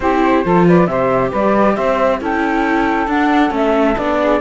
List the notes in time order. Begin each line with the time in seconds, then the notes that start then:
0.00 C4 E4 G4 C5
0.44 F3 F4 A4
0.66 B4 D5
0.86 C3 G4 C5 E5
1.30 G3 B4 D5
1.75 C4 C5 E5
2.20 C#4 E4 A4 G5
3.07 D4 F#5
3.49 A3 C#4
3.56 E5
3.97 B3 D4 D5
4.20 G#4